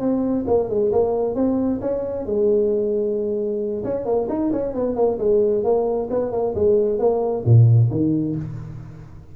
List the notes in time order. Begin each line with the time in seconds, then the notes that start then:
0.00 C4
0.47 A#3
0.70 G#3
0.92 A#3
1.35 C4
1.81 C#4
2.26 G#3
3.84 C#4
4.06 A#3
4.29 D#4
4.52 C#4
4.74 B3
4.96 A#3
5.19 G#3
5.64 A#3
6.10 B3
6.32 A#3
6.55 G#3
6.99 A#3
7.45 A#2
7.91 D#3